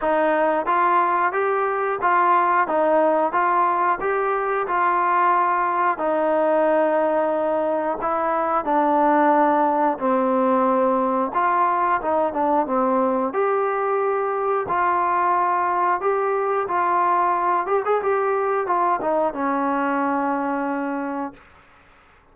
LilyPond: \new Staff \with { instrumentName = "trombone" } { \time 4/4 \tempo 4 = 90 dis'4 f'4 g'4 f'4 | dis'4 f'4 g'4 f'4~ | f'4 dis'2. | e'4 d'2 c'4~ |
c'4 f'4 dis'8 d'8 c'4 | g'2 f'2 | g'4 f'4. g'16 gis'16 g'4 | f'8 dis'8 cis'2. | }